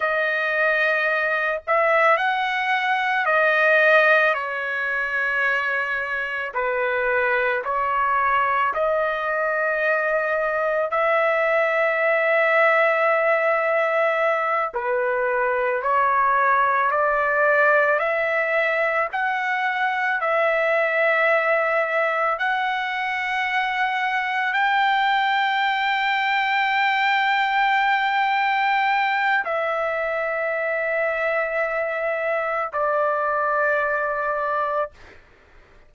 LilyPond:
\new Staff \with { instrumentName = "trumpet" } { \time 4/4 \tempo 4 = 55 dis''4. e''8 fis''4 dis''4 | cis''2 b'4 cis''4 | dis''2 e''2~ | e''4. b'4 cis''4 d''8~ |
d''8 e''4 fis''4 e''4.~ | e''8 fis''2 g''4.~ | g''2. e''4~ | e''2 d''2 | }